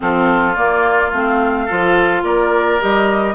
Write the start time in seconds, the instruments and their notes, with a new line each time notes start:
0.00 bassoon F3, clarinet C4, oboe F4, flute A4
0.55 clarinet A#3, bassoon A#3, flute D5
1.12 bassoon A3, clarinet C4, flute F5
1.65 bassoon F3, clarinet F4, oboe A4
2.23 bassoon A#3, oboe A#4, flute D5
2.79 bassoon G3, clarinet G4, flute D#5